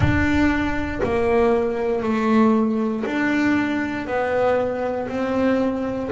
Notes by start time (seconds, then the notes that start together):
0.00 D4
1.03 A#3
2.02 A3
3.05 D4
4.07 B3
5.08 C4